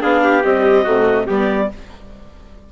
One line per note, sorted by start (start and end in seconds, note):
0.00 0.44 B3
0.00 0.42 D4
0.00 0.22 G#4
0.00 0.43 F5
0.23 0.83 G4
0.43 0.85 G3
0.43 0.85 C4
0.43 1.26 D#5
0.83 1.28 C3
0.83 1.27 A3
0.83 1.24 F#4
1.26 1.70 G3
1.26 1.69 B3
1.26 1.68 G4
1.26 1.72 D5